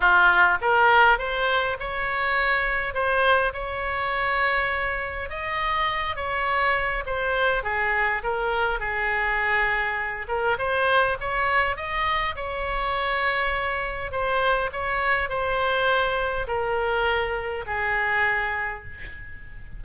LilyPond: \new Staff \with { instrumentName = "oboe" } { \time 4/4 \tempo 4 = 102 f'4 ais'4 c''4 cis''4~ | cis''4 c''4 cis''2~ | cis''4 dis''4. cis''4. | c''4 gis'4 ais'4 gis'4~ |
gis'4. ais'8 c''4 cis''4 | dis''4 cis''2. | c''4 cis''4 c''2 | ais'2 gis'2 | }